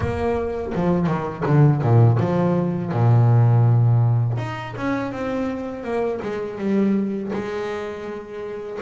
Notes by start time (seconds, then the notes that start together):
0.00 A#3
0.75 F3
1.06 D#3
1.45 D3
1.81 A#2
2.19 F3
2.92 A#2
4.37 D#4
4.77 C#4
5.12 C4
5.83 A#3
6.22 G#3
6.58 G3
7.32 G#3